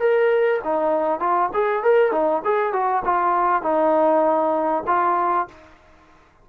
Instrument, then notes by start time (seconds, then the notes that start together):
trombone
0.00 A#4
0.64 D#4
1.20 F4
1.54 G#4
1.83 A#4
2.12 D#4
2.45 G#4
2.73 F#4
3.05 F4
3.63 D#4
4.87 F4